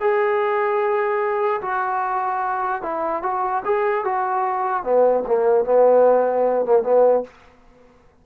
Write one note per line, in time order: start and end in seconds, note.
0.00 1.61 G#4
1.61 2.82 F#4
2.82 3.22 E4
3.23 3.63 F#4
3.65 4.05 G#4
4.05 4.83 F#4
4.83 5.23 B3
5.27 5.65 A#3
5.65 6.65 B3
6.65 6.83 A#3
6.83 7.23 B3